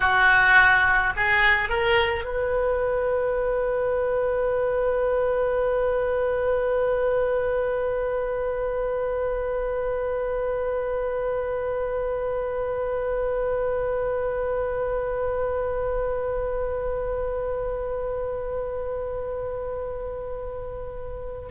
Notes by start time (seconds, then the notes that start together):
0.00 F#4
1.16 G#4
1.69 A#4
2.24 B4